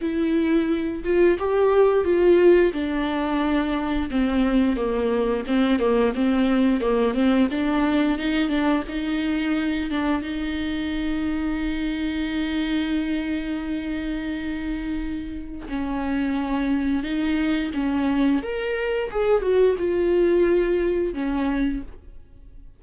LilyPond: \new Staff \with { instrumentName = "viola" } { \time 4/4 \tempo 4 = 88 e'4. f'8 g'4 f'4 | d'2 c'4 ais4 | c'8 ais8 c'4 ais8 c'8 d'4 | dis'8 d'8 dis'4. d'8 dis'4~ |
dis'1~ | dis'2. cis'4~ | cis'4 dis'4 cis'4 ais'4 | gis'8 fis'8 f'2 cis'4 | }